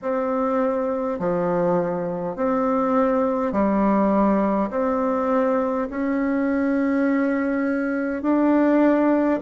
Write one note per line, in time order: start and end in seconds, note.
0.02 1.19 C4
1.19 2.35 F3
2.35 3.52 C4
3.52 4.70 G3
4.70 5.88 C4
5.89 8.22 C#4
8.22 9.40 D4